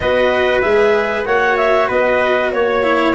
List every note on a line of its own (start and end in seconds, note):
0.00 0.64 B3
0.00 0.63 F#4
0.00 1.26 B4
0.00 0.61 D#5
0.61 1.25 G#3
0.61 1.25 G#4
0.61 1.24 E5
1.25 1.88 A#3
1.25 2.82 F#4
1.25 1.88 C#5
1.25 1.56 F#5
1.57 1.88 E5
1.88 2.52 B3
1.88 2.51 B4
1.88 2.51 D#5
2.51 3.15 A#3
2.51 3.15 C#5
2.82 3.14 E4